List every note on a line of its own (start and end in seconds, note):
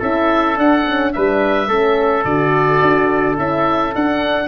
0.00 0.59 C#4
0.00 0.56 E4
0.00 1.12 A4
0.00 0.59 E5
0.56 0.84 D4
0.56 1.15 D4
0.56 1.13 F#5
0.85 1.13 C#4
1.13 1.68 G3
1.13 1.69 D4
1.13 1.69 B4
1.13 2.25 E5
1.68 2.24 A3
1.68 2.25 C#4
1.68 4.48 A4
2.25 2.81 D3
2.25 3.37 F#4
2.25 3.37 D5
2.82 3.38 D4
3.37 3.94 C#4
3.37 3.93 E4
3.37 3.95 E5
3.95 4.48 D4
3.95 4.48 F#5